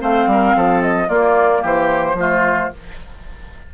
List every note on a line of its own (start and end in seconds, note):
0.00 0.27 A3
0.00 1.08 C4
0.00 0.28 C5
0.00 0.83 F5
0.27 0.54 G3
0.27 0.57 A#4
0.57 1.09 F3
0.57 1.09 A4
0.83 1.09 D#5
1.09 2.17 A#3
1.09 1.64 A#3
1.09 1.62 F4
1.09 1.64 D5
1.62 2.14 E3
1.62 2.16 G4
1.62 2.74 C5
2.14 2.68 F3
2.14 2.72 A3
2.14 2.74 F4